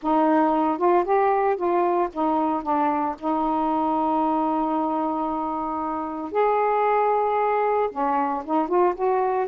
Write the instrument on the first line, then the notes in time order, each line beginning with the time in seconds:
saxophone
0.02 D#4
0.78 F4
1.04 G4
1.56 F4
2.13 D#4
2.62 D4
3.18 D#4
6.31 G#4
7.91 C#4
8.45 D#4
8.68 F4
8.95 F#4